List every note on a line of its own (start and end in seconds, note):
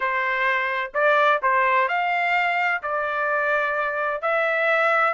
0.00 0.91 C5
0.94 1.40 D5
1.42 1.88 C5
1.88 2.82 F5
2.82 4.21 D5
4.21 5.13 E5